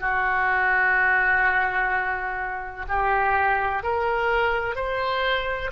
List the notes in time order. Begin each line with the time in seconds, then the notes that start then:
0.00 F#4
2.88 G4
3.83 A#4
4.75 C5